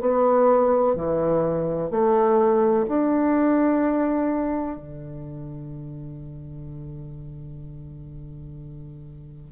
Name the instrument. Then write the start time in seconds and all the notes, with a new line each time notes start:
bassoon
0.00 B3
0.95 E3
1.90 A3
2.88 D4
4.77 D3